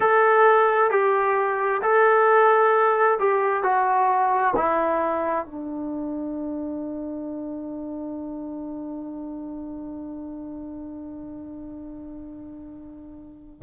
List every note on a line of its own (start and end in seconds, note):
0.00 0.90 A4
0.90 1.81 G4
1.82 3.18 A4
3.19 3.63 G4
3.63 4.54 F#4
4.55 5.45 E4
5.45 13.62 D4